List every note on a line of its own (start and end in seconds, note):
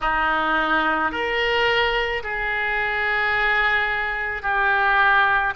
0.00 1.11 D#4
1.11 2.22 A#4
2.23 4.42 G#4
4.42 5.53 G4